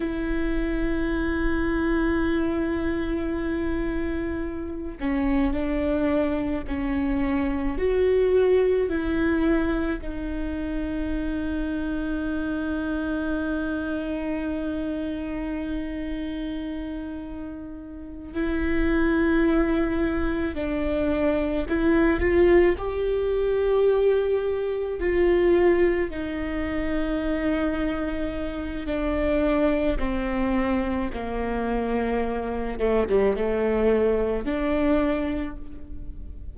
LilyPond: \new Staff \with { instrumentName = "viola" } { \time 4/4 \tempo 4 = 54 e'1~ | e'8 cis'8 d'4 cis'4 fis'4 | e'4 dis'2.~ | dis'1~ |
dis'8 e'2 d'4 e'8 | f'8 g'2 f'4 dis'8~ | dis'2 d'4 c'4 | ais4. a16 g16 a4 d'4 | }